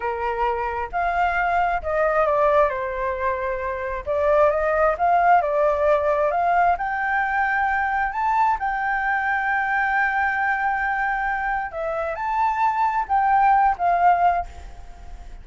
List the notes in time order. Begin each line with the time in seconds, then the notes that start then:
0.00 A#4
0.91 F5
1.82 D#5
2.26 D5
2.69 C5
4.06 D5
4.50 D#5
4.97 F5
5.41 D5
6.31 F5
6.77 G5
8.12 A5
8.59 G5
11.71 E5
12.15 A5
13.08 G5
13.78 F5